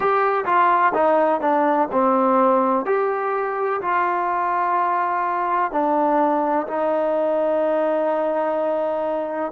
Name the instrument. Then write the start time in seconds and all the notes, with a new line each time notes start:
trombone
0.00 G4
0.45 F4
0.94 D#4
1.40 D4
1.91 C4
2.85 G4
3.81 F4
5.71 D4
6.67 D#4